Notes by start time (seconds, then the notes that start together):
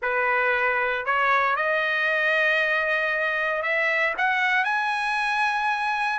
0.02 B4
1.05 C#5
1.56 D#5
3.62 E5
4.17 F#5
4.64 G#5